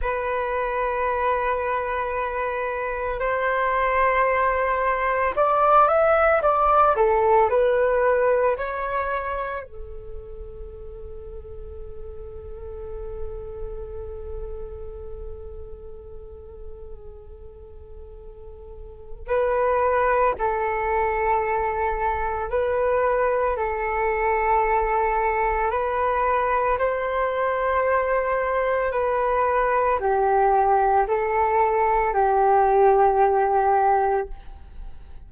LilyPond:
\new Staff \with { instrumentName = "flute" } { \time 4/4 \tempo 4 = 56 b'2. c''4~ | c''4 d''8 e''8 d''8 a'8 b'4 | cis''4 a'2.~ | a'1~ |
a'2 b'4 a'4~ | a'4 b'4 a'2 | b'4 c''2 b'4 | g'4 a'4 g'2 | }